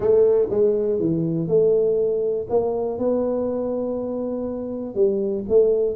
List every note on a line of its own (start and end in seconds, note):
0.00 0.48 A3
0.50 0.99 G#3
0.99 1.47 E3
1.47 2.47 A3
2.49 2.98 A#3
2.98 4.95 B3
4.95 5.44 G3
5.48 5.95 A3